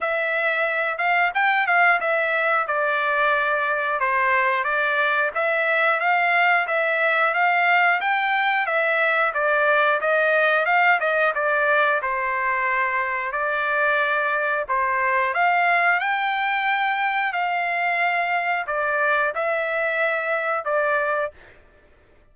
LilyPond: \new Staff \with { instrumentName = "trumpet" } { \time 4/4 \tempo 4 = 90 e''4. f''8 g''8 f''8 e''4 | d''2 c''4 d''4 | e''4 f''4 e''4 f''4 | g''4 e''4 d''4 dis''4 |
f''8 dis''8 d''4 c''2 | d''2 c''4 f''4 | g''2 f''2 | d''4 e''2 d''4 | }